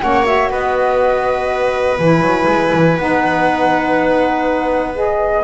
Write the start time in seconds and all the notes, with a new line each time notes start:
0.00 A#3 C#4 C#5 F#5
0.24 F#4 E5
0.50 B3 B4 D#5
1.99 E3 E4 G#5
2.21 F#3
2.47 G#3
2.73 E3
2.97 B3 D#4 F#5
4.94 G#4 D#5